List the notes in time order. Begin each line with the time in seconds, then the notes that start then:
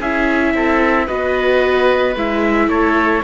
0.00 C#4 E4 G#4 E5
0.54 C4 A4
1.07 B3 F#4 B4 D#5
2.16 G#3 E4 E5
2.68 A3 A4 C#5